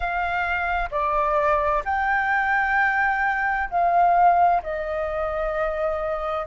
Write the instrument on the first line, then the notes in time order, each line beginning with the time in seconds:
flute
0.00 F5
0.90 D5
1.85 G5
3.69 F5
4.62 D#5